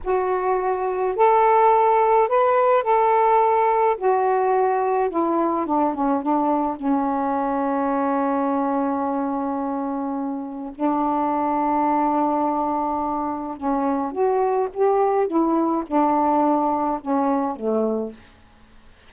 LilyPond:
\new Staff \with { instrumentName = "saxophone" } { \time 4/4 \tempo 4 = 106 fis'2 a'2 | b'4 a'2 fis'4~ | fis'4 e'4 d'8 cis'8 d'4 | cis'1~ |
cis'2. d'4~ | d'1 | cis'4 fis'4 g'4 e'4 | d'2 cis'4 a4 | }